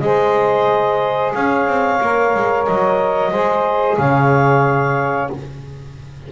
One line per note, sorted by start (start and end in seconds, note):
0.00 1.33 G#3
0.00 1.99 G#4
0.00 1.36 C5
0.00 1.32 D#5
1.34 1.67 C#4
1.34 3.31 C#5
1.34 2.66 F5
1.67 2.00 C4
2.01 2.34 A#3
2.01 3.33 A#4
2.35 2.68 G#3
2.66 3.32 F#3
2.66 3.98 D#5
3.31 3.98 G#3
3.31 5.30 G#4
3.31 3.97 C5
3.98 5.30 C#3
3.98 5.32 C#5
3.98 5.30 F5